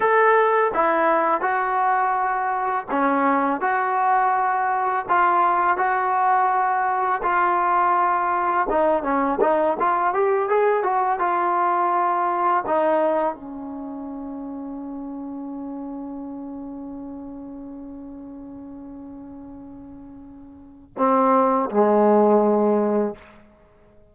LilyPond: \new Staff \with { instrumentName = "trombone" } { \time 4/4 \tempo 4 = 83 a'4 e'4 fis'2 | cis'4 fis'2 f'4 | fis'2 f'2 | dis'8 cis'8 dis'8 f'8 g'8 gis'8 fis'8 f'8~ |
f'4. dis'4 cis'4.~ | cis'1~ | cis'1~ | cis'4 c'4 gis2 | }